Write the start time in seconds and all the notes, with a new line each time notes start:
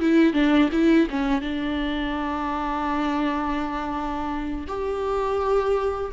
0.00 E4
0.33 D4
0.72 E4
1.10 C#4
1.41 D4
4.67 G4